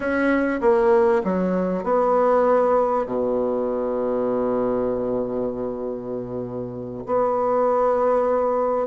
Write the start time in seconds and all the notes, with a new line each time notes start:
0.00 C#4
0.60 A#3
1.24 F#3
1.83 B3
3.06 B2
7.06 B3